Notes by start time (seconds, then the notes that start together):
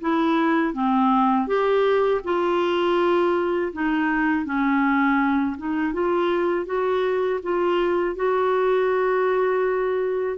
0.00 E4
0.73 C4
1.47 G4
2.24 F4
3.72 D#4
4.45 C#4
5.57 D#4
5.93 F4
6.65 F#4
7.42 F4
8.15 F#4